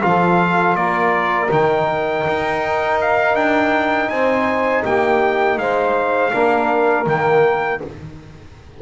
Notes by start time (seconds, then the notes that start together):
0.00 F3 F4 A4 F5
0.75 A#3 A#4 D5
1.50 D#3 D#4 G5
2.27 D#4
3.00 F5
3.34 D4 G5
4.09 C4 C5 G#5
4.83 A#3 G4 G5
5.57 G#3 C5 F5
6.32 A#3 D4 A#4
7.05 D#3 A#3 G5